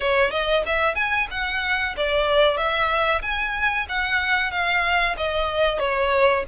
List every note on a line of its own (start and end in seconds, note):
0.00 0.30 C#5
0.30 0.63 D#5
0.66 0.95 E5
0.95 1.27 G#5
1.30 1.95 F#5
1.96 2.57 D5
2.57 3.21 E5
3.21 3.86 G#5
3.89 4.51 F#5
4.51 5.15 F5
5.17 5.79 D#5
5.79 6.43 C#5